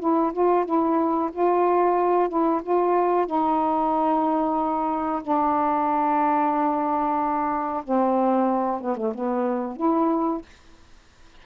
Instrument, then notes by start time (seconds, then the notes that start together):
saxophone
0.00 E4
0.33 F4
0.66 E4
1.33 F4
2.29 E4
2.63 F4
3.27 D#4
5.23 D4
7.84 C4
8.81 B3
8.97 A3
9.15 B3
9.77 E4